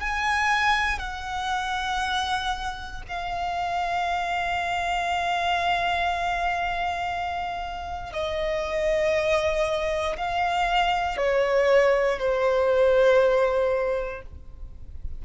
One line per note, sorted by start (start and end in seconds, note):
0.00 0.99 G#5
0.99 3.02 F#5
3.08 8.13 F5
8.13 10.16 D#5
10.17 11.17 F5
11.17 12.19 C#5
12.19 14.22 C5